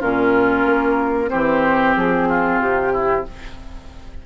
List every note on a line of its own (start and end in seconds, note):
0.00 0.66 A#2
0.00 1.27 C#4
0.00 1.30 F4
0.00 1.30 A#4
0.66 1.31 A#3
1.27 3.23 C4
1.27 2.29 G4
1.27 1.95 C5
1.34 1.97 E3
1.97 2.61 F3
1.97 2.61 G#4
2.29 2.93 F4
2.61 3.26 C3
2.61 3.26 G4
2.93 3.26 E4